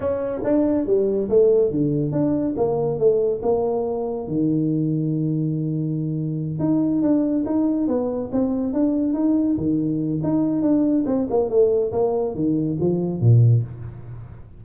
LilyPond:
\new Staff \with { instrumentName = "tuba" } { \time 4/4 \tempo 4 = 141 cis'4 d'4 g4 a4 | d4 d'4 ais4 a4 | ais2 dis2~ | dis2.~ dis8 dis'8~ |
dis'8 d'4 dis'4 b4 c'8~ | c'8 d'4 dis'4 dis4. | dis'4 d'4 c'8 ais8 a4 | ais4 dis4 f4 ais,4 | }